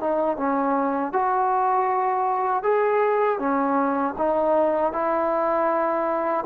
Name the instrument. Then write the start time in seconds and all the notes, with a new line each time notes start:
trombone
0.00 D#4
0.37 C#4
1.13 F#4
2.62 G#4
3.38 C#4
4.17 D#4
4.92 E4